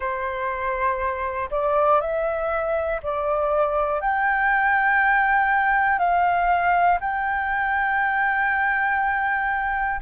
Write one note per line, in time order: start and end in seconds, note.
0.00 1.50 C5
1.50 2.00 D5
2.00 3.00 E5
3.03 4.00 D5
4.00 5.98 G5
5.98 6.98 F5
7.00 10.00 G5